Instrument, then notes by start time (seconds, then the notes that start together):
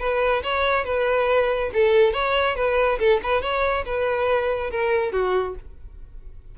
violin
0.00 B4
0.43 C#5
0.85 B4
1.74 A4
2.13 C#5
2.56 B4
2.99 A4
3.23 B4
3.42 C#5
3.86 B4
4.71 A#4
5.12 F#4